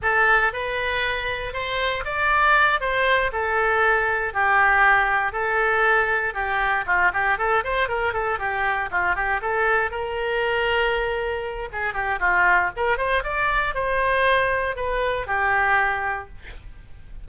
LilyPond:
\new Staff \with { instrumentName = "oboe" } { \time 4/4 \tempo 4 = 118 a'4 b'2 c''4 | d''4. c''4 a'4.~ | a'8 g'2 a'4.~ | a'8 g'4 f'8 g'8 a'8 c''8 ais'8 |
a'8 g'4 f'8 g'8 a'4 ais'8~ | ais'2. gis'8 g'8 | f'4 ais'8 c''8 d''4 c''4~ | c''4 b'4 g'2 | }